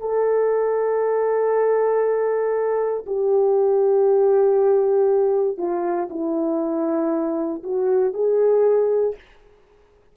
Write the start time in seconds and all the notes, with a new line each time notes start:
0.00 A4
3.06 G4
5.57 F4
6.10 E4
7.63 F#4
8.14 G#4